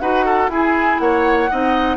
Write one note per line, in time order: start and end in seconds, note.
0.00 0.48 D#4
0.00 0.50 F#4
0.00 0.25 B4
0.00 0.50 F#5
0.25 0.50 A4
0.48 0.98 E4
0.48 1.49 E4
0.48 1.02 G#4
0.48 0.99 G#5
0.99 1.49 A#3
0.99 1.51 C#5
0.99 1.97 F#5
1.50 1.97 C4
1.50 1.97 D#4
1.50 1.97 D#5